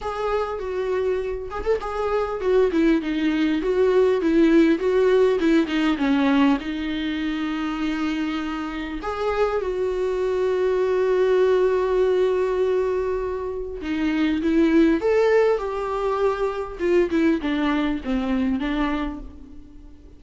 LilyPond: \new Staff \with { instrumentName = "viola" } { \time 4/4 \tempo 4 = 100 gis'4 fis'4. gis'16 a'16 gis'4 | fis'8 e'8 dis'4 fis'4 e'4 | fis'4 e'8 dis'8 cis'4 dis'4~ | dis'2. gis'4 |
fis'1~ | fis'2. dis'4 | e'4 a'4 g'2 | f'8 e'8 d'4 c'4 d'4 | }